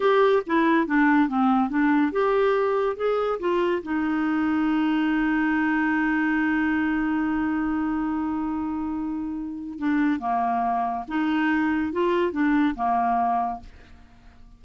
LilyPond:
\new Staff \with { instrumentName = "clarinet" } { \time 4/4 \tempo 4 = 141 g'4 e'4 d'4 c'4 | d'4 g'2 gis'4 | f'4 dis'2.~ | dis'1~ |
dis'1~ | dis'2. d'4 | ais2 dis'2 | f'4 d'4 ais2 | }